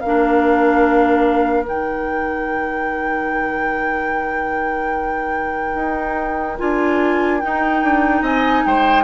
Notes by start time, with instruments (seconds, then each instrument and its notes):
0.00 bassoon A#3, oboe A#4, flute F5
0.06 clarinet D4
1.64 bassoon D#3, clarinet D#4, flute G5
5.75 bassoon D#4
6.58 bassoon D4, clarinet F4, flute G#5
7.40 clarinet D#4, bassoon D#4, flute G5
7.83 bassoon D4
8.22 bassoon C4, oboe D#5, flute G#5
8.66 bassoon G#3, oboe C5, flute G5